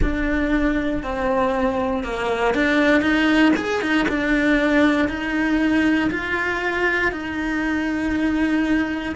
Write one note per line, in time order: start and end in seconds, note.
0.02 1.03 D4
1.03 2.03 C4
2.03 2.54 A#3
2.54 3.01 D4
3.01 3.52 D#4
3.56 3.81 G#4
3.81 4.07 D#4
4.08 5.08 D4
5.08 6.10 D#4
6.10 7.11 F4
7.11 9.15 D#4